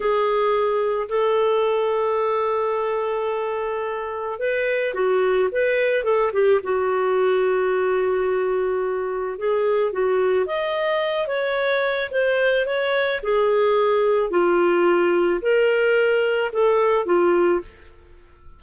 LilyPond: \new Staff \with { instrumentName = "clarinet" } { \time 4/4 \tempo 4 = 109 gis'2 a'2~ | a'1 | b'4 fis'4 b'4 a'8 g'8 | fis'1~ |
fis'4 gis'4 fis'4 dis''4~ | dis''8 cis''4. c''4 cis''4 | gis'2 f'2 | ais'2 a'4 f'4 | }